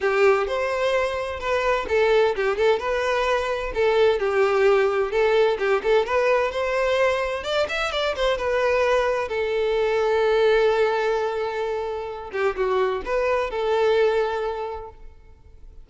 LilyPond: \new Staff \with { instrumentName = "violin" } { \time 4/4 \tempo 4 = 129 g'4 c''2 b'4 | a'4 g'8 a'8 b'2 | a'4 g'2 a'4 | g'8 a'8 b'4 c''2 |
d''8 e''8 d''8 c''8 b'2 | a'1~ | a'2~ a'8 g'8 fis'4 | b'4 a'2. | }